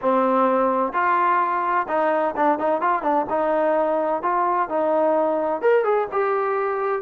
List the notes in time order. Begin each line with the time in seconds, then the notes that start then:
0.01 C4
0.93 F4
1.88 D#4
2.36 D4
2.59 D#4
2.81 F4
3.02 D4
3.29 D#4
4.22 F4
4.69 D#4
5.61 A#4
5.84 G#4
6.12 G4